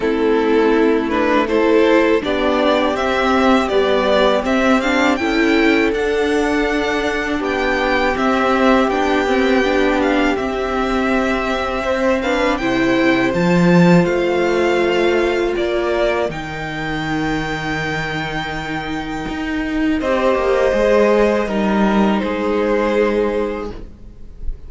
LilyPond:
<<
  \new Staff \with { instrumentName = "violin" } { \time 4/4 \tempo 4 = 81 a'4. b'8 c''4 d''4 | e''4 d''4 e''8 f''8 g''4 | fis''2 g''4 e''4 | g''4. f''8 e''2~ |
e''8 f''8 g''4 a''4 f''4~ | f''4 d''4 g''2~ | g''2. dis''4~ | dis''2 c''2 | }
  \new Staff \with { instrumentName = "violin" } { \time 4/4 e'2 a'4 g'4~ | g'2. a'4~ | a'2 g'2~ | g'1 |
c''8 b'8 c''2.~ | c''4 ais'2.~ | ais'2. c''4~ | c''4 ais'4 gis'2 | }
  \new Staff \with { instrumentName = "viola" } { \time 4/4 c'4. d'8 e'4 d'4 | c'4 g4 c'8 d'8 e'4 | d'2. c'4 | d'8 c'8 d'4 c'2~ |
c'8 d'8 e'4 f'2~ | f'2 dis'2~ | dis'2. g'4 | gis'4 dis'2. | }
  \new Staff \with { instrumentName = "cello" } { \time 4/4 a2. b4 | c'4 b4 c'4 cis'4 | d'2 b4 c'4 | b2 c'2~ |
c'4 c4 f4 a4~ | a4 ais4 dis2~ | dis2 dis'4 c'8 ais8 | gis4 g4 gis2 | }
>>